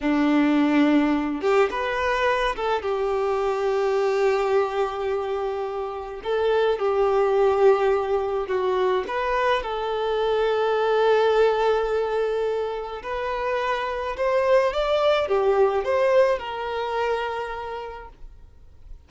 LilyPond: \new Staff \with { instrumentName = "violin" } { \time 4/4 \tempo 4 = 106 d'2~ d'8 g'8 b'4~ | b'8 a'8 g'2.~ | g'2. a'4 | g'2. fis'4 |
b'4 a'2.~ | a'2. b'4~ | b'4 c''4 d''4 g'4 | c''4 ais'2. | }